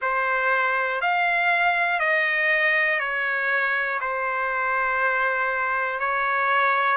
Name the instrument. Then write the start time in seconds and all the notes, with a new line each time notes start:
trumpet
0.01 C5
1.01 F5
1.99 D#5
2.99 C#5
4.00 C5
6.00 C#5